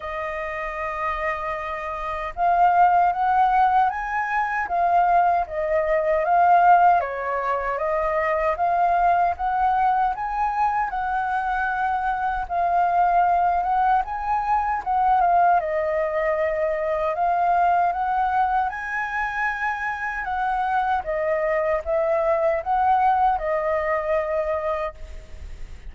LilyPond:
\new Staff \with { instrumentName = "flute" } { \time 4/4 \tempo 4 = 77 dis''2. f''4 | fis''4 gis''4 f''4 dis''4 | f''4 cis''4 dis''4 f''4 | fis''4 gis''4 fis''2 |
f''4. fis''8 gis''4 fis''8 f''8 | dis''2 f''4 fis''4 | gis''2 fis''4 dis''4 | e''4 fis''4 dis''2 | }